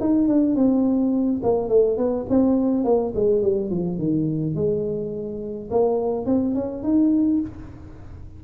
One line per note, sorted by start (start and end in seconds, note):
0.00 0.28 D#4
0.28 0.55 D4
0.55 1.41 C4
1.43 1.69 A#3
1.69 1.97 A3
1.97 2.26 B3
2.29 2.84 C4
2.84 3.13 A#3
3.15 3.42 G#3
3.42 3.70 G3
3.70 3.98 F3
3.98 4.55 D#3
4.55 5.69 G#3
5.71 6.26 A#3
6.26 6.54 C4
6.54 6.83 C#4
6.83 7.40 D#4